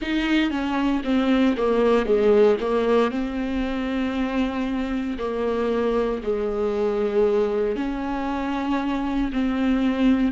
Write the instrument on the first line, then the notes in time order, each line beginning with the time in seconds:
viola
0.01 D#4
0.50 C#4
1.03 C4
1.57 A#3
2.05 G#3
2.60 A#3
3.10 C4
5.18 A#3
6.23 G#3
7.76 C#4
9.32 C4